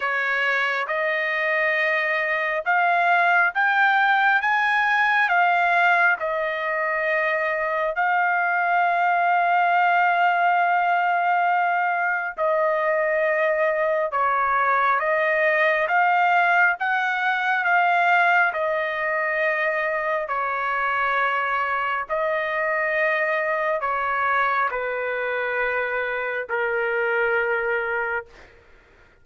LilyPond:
\new Staff \with { instrumentName = "trumpet" } { \time 4/4 \tempo 4 = 68 cis''4 dis''2 f''4 | g''4 gis''4 f''4 dis''4~ | dis''4 f''2.~ | f''2 dis''2 |
cis''4 dis''4 f''4 fis''4 | f''4 dis''2 cis''4~ | cis''4 dis''2 cis''4 | b'2 ais'2 | }